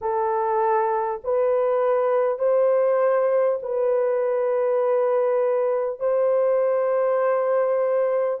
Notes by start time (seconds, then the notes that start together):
0.01 A4
1.24 B4
2.38 C5
3.62 B4
5.99 C5